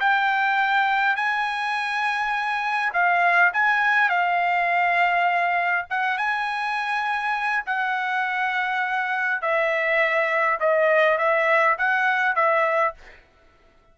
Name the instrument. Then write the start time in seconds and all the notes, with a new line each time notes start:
trumpet
0.00 G5
1.16 G#5
2.93 F5
3.53 G#5
4.09 F5
5.90 F#5
6.17 G#5
7.66 F#5
9.42 E5
10.60 D#5
11.18 E5
11.78 F#5
12.36 E5